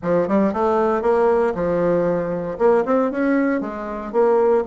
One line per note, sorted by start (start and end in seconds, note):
0.02 0.28 F3
0.28 0.53 G3
0.53 1.02 A3
1.02 1.53 A#3
1.54 2.58 F3
2.58 2.84 A#3
2.85 3.11 C4
3.11 3.60 C#4
3.60 4.12 G#3
4.12 4.64 A#3